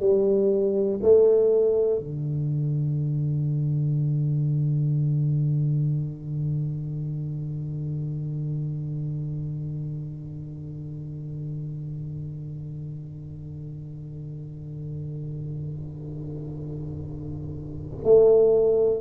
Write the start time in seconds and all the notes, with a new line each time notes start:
0.00 G3
1.02 A3
1.99 D3
18.04 A3